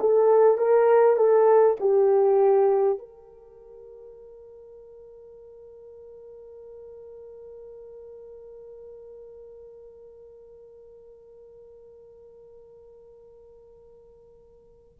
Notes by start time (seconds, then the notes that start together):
0.00 A4
0.57 A#4
1.16 A4
1.80 G4
2.98 A#4